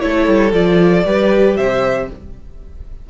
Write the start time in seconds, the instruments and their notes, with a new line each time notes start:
0.00 cello A3, viola E4, violin A4 C#5
0.27 cello G3
0.52 cello F3, viola F4, violin D5
1.05 cello G3, viola G4, violin B4
1.57 cello C3, violin C5 E5